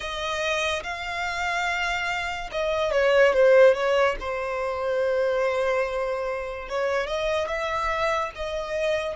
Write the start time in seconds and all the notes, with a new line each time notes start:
0.00 D#5
0.83 F5
2.51 D#5
2.91 C#5
3.33 C5
3.74 C#5
4.19 C5
6.69 C#5
7.06 D#5
7.47 E5
8.35 D#5